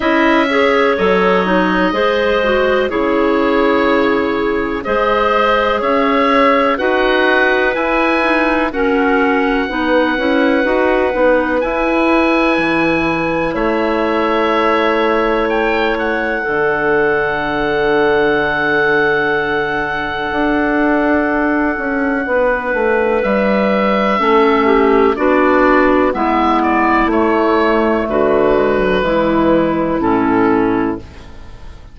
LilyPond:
<<
  \new Staff \with { instrumentName = "oboe" } { \time 4/4 \tempo 4 = 62 e''4 dis''2 cis''4~ | cis''4 dis''4 e''4 fis''4 | gis''4 fis''2. | gis''2 e''2 |
g''8 fis''2.~ fis''8~ | fis''1 | e''2 d''4 e''8 d''8 | cis''4 b'2 a'4 | }
  \new Staff \with { instrumentName = "clarinet" } { \time 4/4 dis''8 cis''4. c''4 gis'4~ | gis'4 c''4 cis''4 b'4~ | b'4 ais'4 b'2~ | b'2 cis''2~ |
cis''4 a'2.~ | a'2. b'4~ | b'4 a'8 g'8 fis'4 e'4~ | e'4 fis'4 e'2 | }
  \new Staff \with { instrumentName = "clarinet" } { \time 4/4 e'8 gis'8 a'8 dis'8 gis'8 fis'8 e'4~ | e'4 gis'2 fis'4 | e'8 dis'8 cis'4 dis'8 e'8 fis'8 dis'8 | e'1~ |
e'4 d'2.~ | d'1~ | d'4 cis'4 d'4 b4 | a4. gis16 fis16 gis4 cis'4 | }
  \new Staff \with { instrumentName = "bassoon" } { \time 4/4 cis'4 fis4 gis4 cis4~ | cis4 gis4 cis'4 dis'4 | e'4 fis'4 b8 cis'8 dis'8 b8 | e'4 e4 a2~ |
a4 d2.~ | d4 d'4. cis'8 b8 a8 | g4 a4 b4 gis4 | a4 d4 e4 a,4 | }
>>